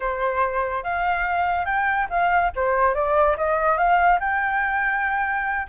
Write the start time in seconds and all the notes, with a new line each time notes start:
0.00 C5
0.83 F5
1.65 G5
2.09 F5
2.55 C5
2.94 D5
3.37 D#5
3.77 F5
4.20 G5